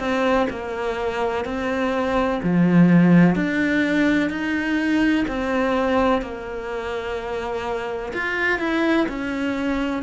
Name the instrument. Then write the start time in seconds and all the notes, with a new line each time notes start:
cello
0.00 C4
0.50 A#3
1.45 C4
2.43 F3
3.36 D4
4.30 D#4
5.28 C4
6.22 A#3
8.14 F4
8.59 E4
9.09 C#4